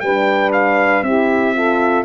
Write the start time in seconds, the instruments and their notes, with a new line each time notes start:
0.00 tuba G3, horn D4, saxophone B4, trumpet G5
0.52 trumpet F5
1.02 tuba C4, horn E4, saxophone G4, trumpet E5
1.54 horn F4, saxophone A4